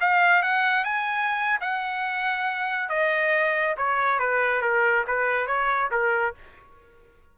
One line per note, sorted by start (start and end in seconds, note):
0.00 0.42 F5
0.42 0.84 F#5
0.84 1.59 G#5
1.60 2.89 F#5
2.89 3.75 D#5
3.77 4.19 C#5
4.19 4.61 B4
4.61 5.04 A#4
5.07 5.47 B4
5.47 5.90 C#5
5.91 6.34 A#4